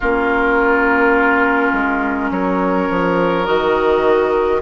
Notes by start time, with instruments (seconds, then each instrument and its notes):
0.00 bassoon A#3, clarinet C#4, oboe F4, flute A#4
1.72 bassoon G#3
2.31 bassoon F#3, oboe A#4, flute C#5
2.89 bassoon F3
3.45 bassoon D#3, clarinet F#4, flute D#5